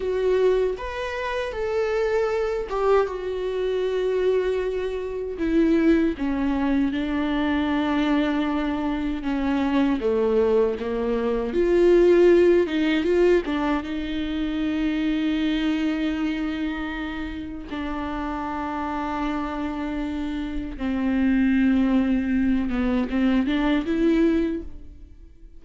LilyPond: \new Staff \with { instrumentName = "viola" } { \time 4/4 \tempo 4 = 78 fis'4 b'4 a'4. g'8 | fis'2. e'4 | cis'4 d'2. | cis'4 a4 ais4 f'4~ |
f'8 dis'8 f'8 d'8 dis'2~ | dis'2. d'4~ | d'2. c'4~ | c'4. b8 c'8 d'8 e'4 | }